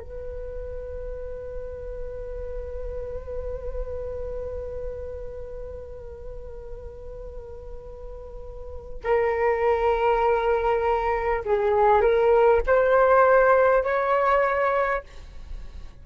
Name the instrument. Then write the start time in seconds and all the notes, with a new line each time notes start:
flute
0.00 B4
9.04 A#4
11.45 G#4
12.01 A#4
12.67 C5
13.83 C#5